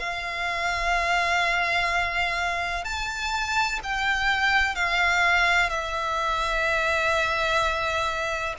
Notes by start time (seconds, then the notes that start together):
0.00 F5
2.85 A5
3.84 G5
4.75 F5
5.70 E5